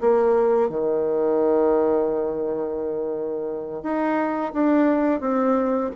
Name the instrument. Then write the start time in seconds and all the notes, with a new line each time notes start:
bassoon
0.00 A#3
0.69 D#3
3.82 D#4
4.53 D4
5.20 C4